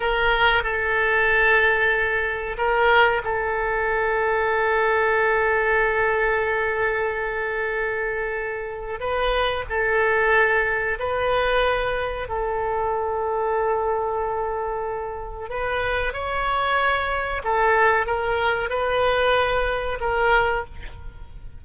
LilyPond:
\new Staff \with { instrumentName = "oboe" } { \time 4/4 \tempo 4 = 93 ais'4 a'2. | ais'4 a'2.~ | a'1~ | a'2 b'4 a'4~ |
a'4 b'2 a'4~ | a'1 | b'4 cis''2 a'4 | ais'4 b'2 ais'4 | }